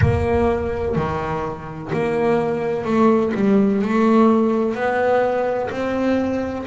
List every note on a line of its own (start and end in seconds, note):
0.01 0.95 A#3
0.95 1.90 D#3
1.93 2.84 A#3
2.84 3.32 A3
3.34 3.81 G3
3.81 4.74 A3
4.74 5.70 B3
5.70 6.65 C4